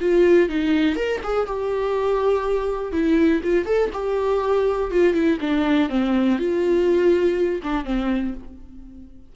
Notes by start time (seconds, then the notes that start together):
0.00 F4
0.49 D#4
0.96 A#4
1.23 G#4
1.47 G4
2.92 E4
3.44 F4
3.65 A4
3.93 G4
4.91 F4
5.14 E4
5.41 D4
5.89 C4
6.38 F4
7.63 D4
7.85 C4